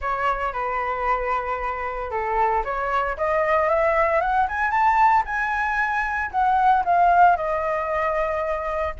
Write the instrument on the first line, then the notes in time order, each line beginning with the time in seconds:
flute
0.01 C#5
0.52 B4
2.10 A4
2.64 C#5
3.17 D#5
3.69 E5
4.21 F#5
4.48 G#5
4.70 A5
5.25 G#5
6.31 F#5
6.84 F5
7.36 D#5